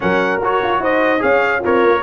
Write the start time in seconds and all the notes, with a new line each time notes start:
0.00 F#3 C#4 A#4 F#5
0.41 F#4 C#5
0.62 F4
0.79 D#4 C5 D#5
1.19 C#4 G#4 C#5 F5
1.59 C4 F4 A#4 C#5
1.84 A#3